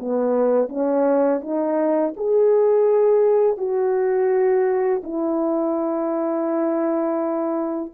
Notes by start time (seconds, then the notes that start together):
0.00 B3
0.69 C#4
1.42 D#4
2.17 G#4
3.58 F#4
5.04 E4